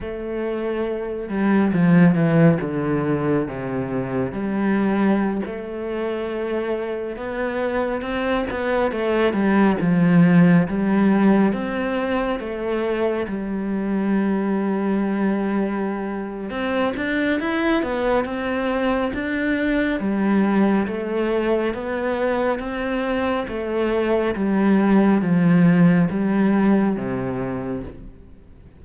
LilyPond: \new Staff \with { instrumentName = "cello" } { \time 4/4 \tempo 4 = 69 a4. g8 f8 e8 d4 | c4 g4~ g16 a4.~ a16~ | a16 b4 c'8 b8 a8 g8 f8.~ | f16 g4 c'4 a4 g8.~ |
g2. c'8 d'8 | e'8 b8 c'4 d'4 g4 | a4 b4 c'4 a4 | g4 f4 g4 c4 | }